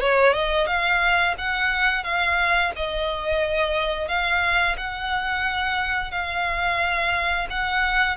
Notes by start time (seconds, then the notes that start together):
0.00 C#5
0.33 D#5
0.67 F5
1.38 F#5
2.03 F5
2.76 D#5
4.08 F5
4.77 F#5
6.11 F5
7.50 F#5